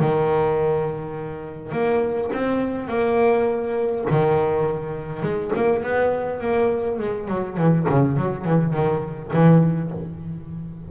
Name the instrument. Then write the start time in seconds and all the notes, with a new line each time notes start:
double bass
0.00 D#3
1.72 A#3
2.34 C4
2.89 A#3
4.11 D#3
5.23 G#3
5.56 A#3
5.84 B3
6.41 A#3
6.99 G#3
7.28 F#3
7.58 E3
7.89 C#3
8.17 F#3
8.45 E3
8.74 D#3
9.33 E3